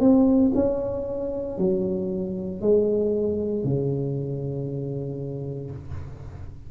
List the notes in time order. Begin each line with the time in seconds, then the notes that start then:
0.00 C4
0.55 C#4
1.58 F#3
2.61 G#3
3.64 C#3